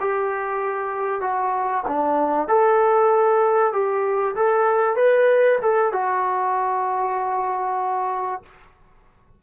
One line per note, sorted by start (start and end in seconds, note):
0.00 1.21 G4
1.21 1.83 F#4
1.87 2.48 D4
2.48 3.72 A4
3.72 4.35 G4
4.35 4.96 A4
4.96 5.59 B4
5.62 5.92 A4
5.92 8.42 F#4